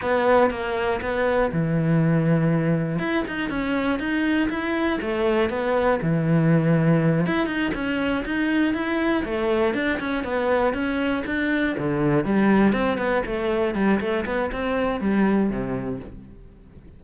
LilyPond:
\new Staff \with { instrumentName = "cello" } { \time 4/4 \tempo 4 = 120 b4 ais4 b4 e4~ | e2 e'8 dis'8 cis'4 | dis'4 e'4 a4 b4 | e2~ e8 e'8 dis'8 cis'8~ |
cis'8 dis'4 e'4 a4 d'8 | cis'8 b4 cis'4 d'4 d8~ | d8 g4 c'8 b8 a4 g8 | a8 b8 c'4 g4 c4 | }